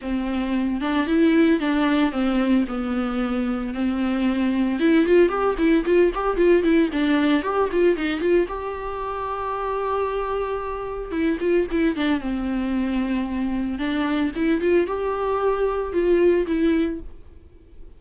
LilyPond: \new Staff \with { instrumentName = "viola" } { \time 4/4 \tempo 4 = 113 c'4. d'8 e'4 d'4 | c'4 b2 c'4~ | c'4 e'8 f'8 g'8 e'8 f'8 g'8 | f'8 e'8 d'4 g'8 f'8 dis'8 f'8 |
g'1~ | g'4 e'8 f'8 e'8 d'8 c'4~ | c'2 d'4 e'8 f'8 | g'2 f'4 e'4 | }